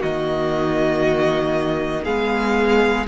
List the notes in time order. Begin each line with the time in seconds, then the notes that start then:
0.00 D#3 A#3 F#4 D#5
2.05 G#3 B3 G#4 F5